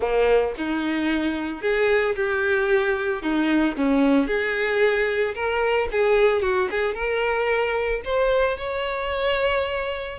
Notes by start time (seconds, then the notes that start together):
0.00 A#3
0.57 D#4
1.61 G#4
2.15 G4
3.22 D#4
3.76 C#4
4.27 G#4
5.34 A#4
5.91 G#4
6.42 F#4
6.70 G#4
6.94 A#4
8.04 C5
8.57 C#5